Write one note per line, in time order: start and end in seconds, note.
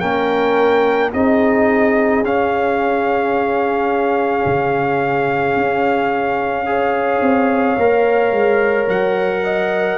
0.00 1.13 A#3
0.00 1.13 C#4
0.00 1.13 A#4
0.00 1.11 G5
1.13 2.22 C4
1.13 2.25 D#4
1.13 6.69 G#4
1.13 2.25 D#5
2.22 4.45 C#4
2.22 6.66 C#4
2.22 8.89 F5
4.46 5.56 C#3
5.56 7.22 C#4
6.66 7.78 G#4
6.66 9.44 C#5
7.22 7.77 C4
7.78 8.32 A#3
7.78 9.99 A#4
8.32 8.88 G#3
8.89 9.99 F#3
8.89 9.99 F#5
9.44 9.99 D#5